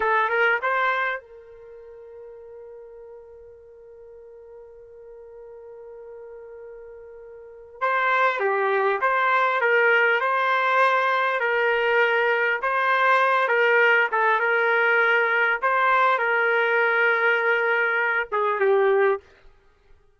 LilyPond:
\new Staff \with { instrumentName = "trumpet" } { \time 4/4 \tempo 4 = 100 a'8 ais'8 c''4 ais'2~ | ais'1~ | ais'1~ | ais'4 c''4 g'4 c''4 |
ais'4 c''2 ais'4~ | ais'4 c''4. ais'4 a'8 | ais'2 c''4 ais'4~ | ais'2~ ais'8 gis'8 g'4 | }